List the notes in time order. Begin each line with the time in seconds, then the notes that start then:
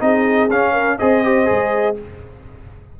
0.00 C4 D#4 G#4 D#5
0.50 C#4 F5
0.73 A#4
0.99 C4 G#4 C5 D#5
1.24 G4
1.45 G#3 G#4